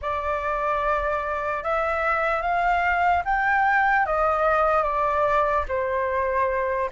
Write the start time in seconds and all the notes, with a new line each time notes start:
0.01 D5
1.63 E5
2.42 F5
3.24 G5
4.06 D#5
4.83 D5
5.68 C5